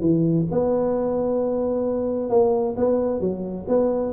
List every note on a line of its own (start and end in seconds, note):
0.00 0.45 E3
0.51 2.29 B3
2.29 2.75 A#3
2.77 3.20 B3
3.20 3.65 F#3
3.68 4.13 B3